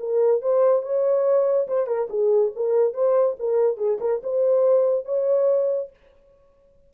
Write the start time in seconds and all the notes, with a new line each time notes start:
0.00 A#4
0.42 C5
0.83 C#5
1.68 C5
1.87 A#4
2.10 G#4
2.56 A#4
2.94 C5
3.40 A#4
3.78 G#4
4.01 A#4
4.24 C5
5.06 C#5